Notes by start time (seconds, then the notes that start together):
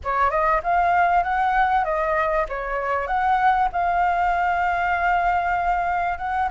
0.03 C#5
0.30 D#5
0.63 F5
1.23 F#5
1.84 D#5
2.49 C#5
3.07 F#5
3.72 F5
6.17 F#5